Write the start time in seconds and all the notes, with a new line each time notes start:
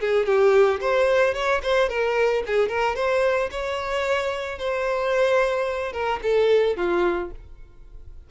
0.00 G#4
0.26 G4
0.80 C5
1.34 C#5
1.63 C5
1.89 A#4
2.46 G#4
2.68 A#4
2.95 C5
3.51 C#5
4.58 C5
5.93 A#4
6.22 A4
6.76 F4